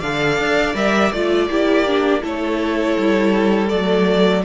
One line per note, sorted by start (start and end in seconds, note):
0.00 0.39 D3
0.00 0.75 A4
0.00 1.48 D5
0.00 0.75 F5
0.39 0.75 D4
0.75 1.12 G3
0.75 1.12 A#4
0.75 1.12 E5
1.12 1.49 A3
1.12 1.50 F4
1.12 2.24 D5
1.49 2.23 A#3
1.49 1.87 E4
1.49 2.22 G4
1.87 2.22 D4
2.22 2.97 A3
2.22 3.69 E4
2.22 4.45 A4
2.22 3.69 C#5
2.98 3.72 G3
3.69 4.45 F#3
3.69 4.43 A3
3.69 4.43 D5